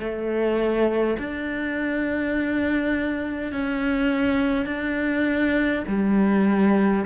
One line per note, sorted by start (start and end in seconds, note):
0.00 1.18 A3
1.19 3.52 D4
3.52 4.66 C#4
4.66 5.83 D4
5.88 7.06 G3